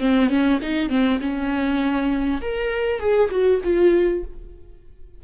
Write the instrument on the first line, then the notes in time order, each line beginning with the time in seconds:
viola
0.00 C4
0.29 C#4
0.62 D#4
0.89 C4
1.21 C#4
2.41 A#4
2.99 G#4
3.31 F#4
3.64 F4